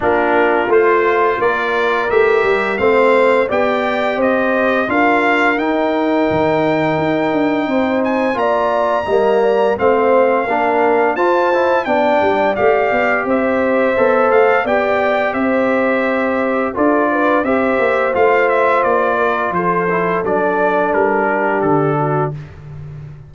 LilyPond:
<<
  \new Staff \with { instrumentName = "trumpet" } { \time 4/4 \tempo 4 = 86 ais'4 c''4 d''4 e''4 | f''4 g''4 dis''4 f''4 | g''2.~ g''8 gis''8 | ais''2 f''2 |
a''4 g''4 f''4 e''4~ | e''8 f''8 g''4 e''2 | d''4 e''4 f''8 e''8 d''4 | c''4 d''4 ais'4 a'4 | }
  \new Staff \with { instrumentName = "horn" } { \time 4/4 f'2 ais'2 | c''4 d''4 c''4 ais'4~ | ais'2. c''4 | d''4 dis''8 d''8 c''4 ais'4 |
c''4 d''2 c''4~ | c''4 d''4 c''2 | a'8 b'8 c''2~ c''8 ais'8 | a'2~ a'8 g'4 fis'8 | }
  \new Staff \with { instrumentName = "trombone" } { \time 4/4 d'4 f'2 g'4 | c'4 g'2 f'4 | dis'1 | f'4 ais4 c'4 d'4 |
f'8 e'8 d'4 g'2 | a'4 g'2. | f'4 g'4 f'2~ | f'8 e'8 d'2. | }
  \new Staff \with { instrumentName = "tuba" } { \time 4/4 ais4 a4 ais4 a8 g8 | a4 b4 c'4 d'4 | dis'4 dis4 dis'8 d'8 c'4 | ais4 g4 a4 ais4 |
f'4 b8 g8 a8 b8 c'4 | b8 a8 b4 c'2 | d'4 c'8 ais8 a4 ais4 | f4 fis4 g4 d4 | }
>>